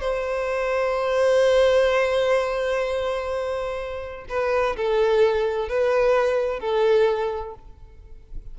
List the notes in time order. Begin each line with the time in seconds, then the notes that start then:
0.00 C5
4.29 B4
4.76 A4
5.68 B4
6.60 A4